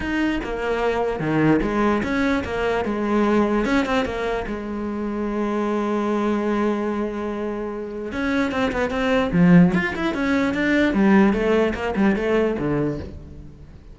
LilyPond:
\new Staff \with { instrumentName = "cello" } { \time 4/4 \tempo 4 = 148 dis'4 ais2 dis4 | gis4 cis'4 ais4 gis4~ | gis4 cis'8 c'8 ais4 gis4~ | gis1~ |
gis1 | cis'4 c'8 b8 c'4 f4 | f'8 e'8 cis'4 d'4 g4 | a4 ais8 g8 a4 d4 | }